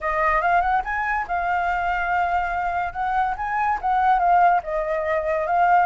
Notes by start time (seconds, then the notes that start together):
0.00 D#5
0.41 F5
0.61 F#5
0.84 G#5
1.27 F5
2.92 F#5
3.37 G#5
3.81 F#5
4.19 F5
4.63 D#5
5.47 F5